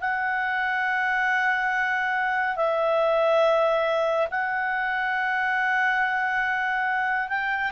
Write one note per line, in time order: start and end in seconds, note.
0.00 2.56 F#5
2.56 4.27 E5
4.31 7.28 F#5
7.28 7.71 G5